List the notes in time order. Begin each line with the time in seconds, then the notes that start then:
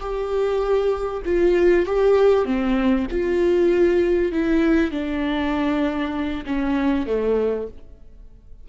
0.00 G4
1.25 F4
1.86 G4
2.45 C4
3.11 F4
4.32 E4
4.91 D4
6.46 C#4
7.06 A3